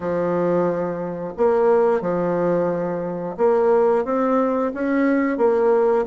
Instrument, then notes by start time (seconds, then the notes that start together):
bassoon
0.00 F3
1.37 A#3
2.01 F3
3.37 A#3
4.04 C4
4.73 C#4
5.37 A#3